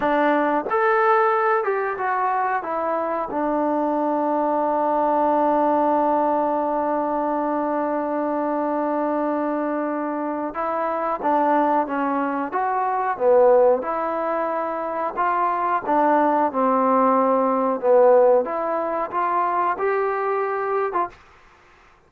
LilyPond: \new Staff \with { instrumentName = "trombone" } { \time 4/4 \tempo 4 = 91 d'4 a'4. g'8 fis'4 | e'4 d'2.~ | d'1~ | d'1 |
e'4 d'4 cis'4 fis'4 | b4 e'2 f'4 | d'4 c'2 b4 | e'4 f'4 g'4.~ g'16 f'16 | }